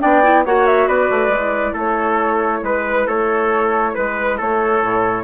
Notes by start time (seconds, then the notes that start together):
0.00 B3 D4 D5 G5
0.23 E4
0.45 A#3 F#4 C#5 F#5
0.66 E5
0.87 B3 B4 D5
1.10 A3
1.28 G#3 E4
1.73 A3 A4 C#5
2.62 G#3 B4
3.07 A3 A4 C#5
3.94 G#3 B4
4.37 A3 A4 C#5
4.82 A2